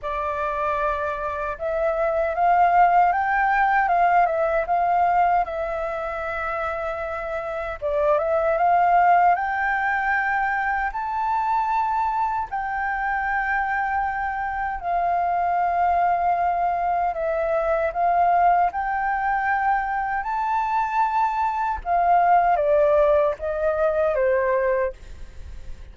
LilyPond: \new Staff \with { instrumentName = "flute" } { \time 4/4 \tempo 4 = 77 d''2 e''4 f''4 | g''4 f''8 e''8 f''4 e''4~ | e''2 d''8 e''8 f''4 | g''2 a''2 |
g''2. f''4~ | f''2 e''4 f''4 | g''2 a''2 | f''4 d''4 dis''4 c''4 | }